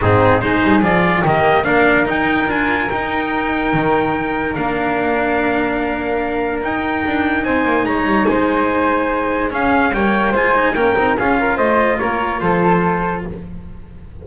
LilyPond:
<<
  \new Staff \with { instrumentName = "trumpet" } { \time 4/4 \tempo 4 = 145 gis'4 c''4 d''4 dis''4 | f''4 g''4 gis''4 g''4~ | g''2. f''4~ | f''1 |
g''2 gis''4 ais''4 | gis''2. f''4 | g''4 gis''4 g''4 f''4 | dis''4 cis''4 c''2 | }
  \new Staff \with { instrumentName = "flute" } { \time 4/4 dis'4 gis'2 g'4 | ais'1~ | ais'1~ | ais'1~ |
ais'2 c''4 cis''4 | c''2. gis'4 | cis''4 c''4 ais'4 gis'8 ais'8 | c''4 ais'4 a'2 | }
  \new Staff \with { instrumentName = "cello" } { \time 4/4 c'4 dis'4 f'4 ais4 | d'4 dis'4 f'4 dis'4~ | dis'2. d'4~ | d'1 |
dis'1~ | dis'2. cis'4 | ais4 f'8 dis'8 cis'8 dis'8 f'4~ | f'1 | }
  \new Staff \with { instrumentName = "double bass" } { \time 4/4 gis,4 gis8 g8 f4 dis4 | ais4 dis'4 d'4 dis'4~ | dis'4 dis2 ais4~ | ais1 |
dis'4 d'4 c'8 ais8 gis8 g8 | gis2. cis'4 | g4 gis4 ais8 c'8 cis'4 | a4 ais4 f2 | }
>>